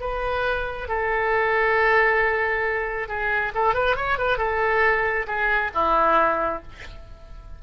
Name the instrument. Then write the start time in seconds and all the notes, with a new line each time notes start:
oboe
0.00 B4
0.88 A4
3.08 G#4
3.55 A4
3.74 B4
3.96 C#5
4.18 B4
4.38 A4
5.27 G#4
5.74 E4